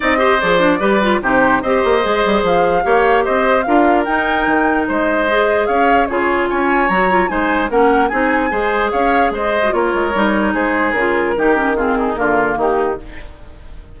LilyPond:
<<
  \new Staff \with { instrumentName = "flute" } { \time 4/4 \tempo 4 = 148 dis''4 d''2 c''4 | dis''2 f''2 | dis''4 f''4 g''2 | dis''2 f''4 cis''4 |
gis''4 ais''4 gis''4 fis''4 | gis''2 f''4 dis''4 | cis''2 c''4 ais'4~ | ais'4 gis'4 ais'4 g'4 | }
  \new Staff \with { instrumentName = "oboe" } { \time 4/4 d''8 c''4. b'4 g'4 | c''2. cis''4 | c''4 ais'2. | c''2 cis''4 gis'4 |
cis''2 c''4 ais'4 | gis'4 c''4 cis''4 c''4 | ais'2 gis'2 | g'4 f'8 dis'8 f'4 dis'4 | }
  \new Staff \with { instrumentName = "clarinet" } { \time 4/4 dis'8 g'8 gis'8 d'8 g'8 f'8 dis'4 | g'4 gis'2 g'4~ | g'4 f'4 dis'2~ | dis'4 gis'2 f'4~ |
f'4 fis'8 f'8 dis'4 cis'4 | dis'4 gis'2~ gis'8. fis'16 | f'4 dis'2 f'4 | dis'8 cis'8 c'4 ais2 | }
  \new Staff \with { instrumentName = "bassoon" } { \time 4/4 c'4 f4 g4 c4 | c'8 ais8 gis8 g8 f4 ais4 | c'4 d'4 dis'4 dis4 | gis2 cis'4 cis4 |
cis'4 fis4 gis4 ais4 | c'4 gis4 cis'4 gis4 | ais8 gis8 g4 gis4 cis4 | dis2 d4 dis4 | }
>>